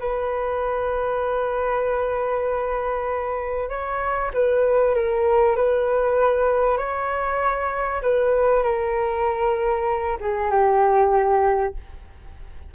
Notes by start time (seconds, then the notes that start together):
0.00 B4
3.70 C#5
4.34 B4
4.95 A#4
5.56 B4
6.78 C#5
8.02 B4
8.64 A#4
10.21 G#4
10.51 G4